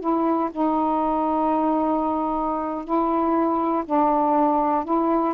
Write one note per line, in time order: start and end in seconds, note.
0.00 0.50 E4
0.51 2.84 D#4
2.84 3.83 E4
3.85 4.84 D4
4.84 5.34 E4